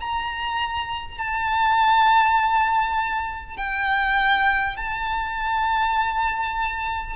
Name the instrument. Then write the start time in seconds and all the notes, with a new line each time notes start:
violin
0.00 A#5
1.18 A5
3.57 G5
4.76 A5